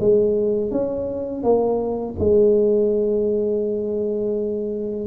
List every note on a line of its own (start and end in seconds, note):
0.00 0.71 G#3
0.71 1.43 C#4
1.43 2.15 A#3
2.19 5.07 G#3